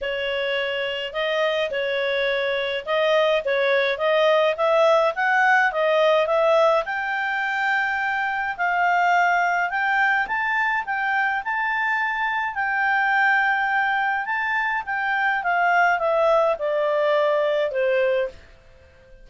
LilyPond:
\new Staff \with { instrumentName = "clarinet" } { \time 4/4 \tempo 4 = 105 cis''2 dis''4 cis''4~ | cis''4 dis''4 cis''4 dis''4 | e''4 fis''4 dis''4 e''4 | g''2. f''4~ |
f''4 g''4 a''4 g''4 | a''2 g''2~ | g''4 a''4 g''4 f''4 | e''4 d''2 c''4 | }